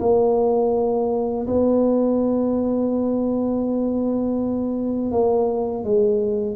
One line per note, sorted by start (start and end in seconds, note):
0.00 1.46 A#3
1.47 5.11 B3
5.11 5.84 A#3
5.84 6.56 G#3